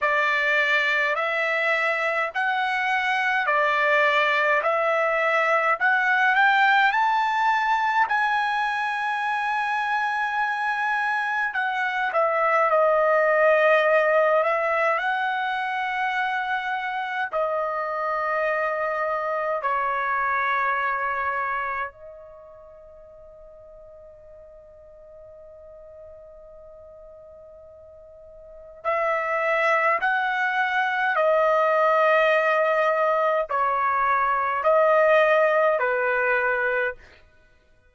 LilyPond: \new Staff \with { instrumentName = "trumpet" } { \time 4/4 \tempo 4 = 52 d''4 e''4 fis''4 d''4 | e''4 fis''8 g''8 a''4 gis''4~ | gis''2 fis''8 e''8 dis''4~ | dis''8 e''8 fis''2 dis''4~ |
dis''4 cis''2 dis''4~ | dis''1~ | dis''4 e''4 fis''4 dis''4~ | dis''4 cis''4 dis''4 b'4 | }